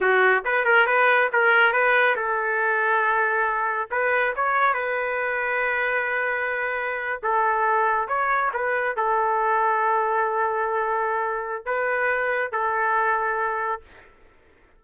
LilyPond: \new Staff \with { instrumentName = "trumpet" } { \time 4/4 \tempo 4 = 139 fis'4 b'8 ais'8 b'4 ais'4 | b'4 a'2.~ | a'4 b'4 cis''4 b'4~ | b'1~ |
b'8. a'2 cis''4 b'16~ | b'8. a'2.~ a'16~ | a'2. b'4~ | b'4 a'2. | }